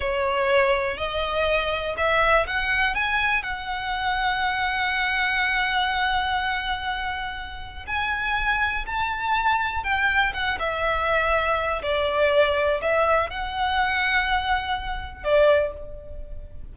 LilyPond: \new Staff \with { instrumentName = "violin" } { \time 4/4 \tempo 4 = 122 cis''2 dis''2 | e''4 fis''4 gis''4 fis''4~ | fis''1~ | fis''1 |
gis''2 a''2 | g''4 fis''8 e''2~ e''8 | d''2 e''4 fis''4~ | fis''2. d''4 | }